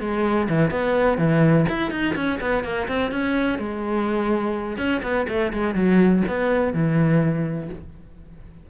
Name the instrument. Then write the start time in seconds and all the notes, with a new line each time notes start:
cello
0.00 G#3
0.49 E3
0.70 B3
1.18 E3
1.68 E4
1.91 D#4
2.15 C#4
2.40 B3
2.63 A#3
2.88 C4
3.11 C#4
3.58 G#3
4.77 C#4
5.02 B3
5.28 A3
5.53 G#3
5.74 F#3
6.28 B3
6.73 E3